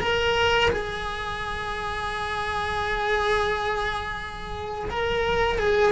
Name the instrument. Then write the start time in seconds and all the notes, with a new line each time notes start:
cello
0.00 A#4
0.70 G#4
4.90 A#4
5.58 G#4